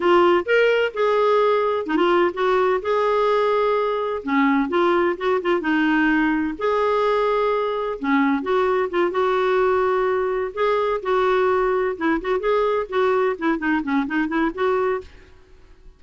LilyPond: \new Staff \with { instrumentName = "clarinet" } { \time 4/4 \tempo 4 = 128 f'4 ais'4 gis'2 | dis'16 f'8. fis'4 gis'2~ | gis'4 cis'4 f'4 fis'8 f'8 | dis'2 gis'2~ |
gis'4 cis'4 fis'4 f'8 fis'8~ | fis'2~ fis'8 gis'4 fis'8~ | fis'4. e'8 fis'8 gis'4 fis'8~ | fis'8 e'8 dis'8 cis'8 dis'8 e'8 fis'4 | }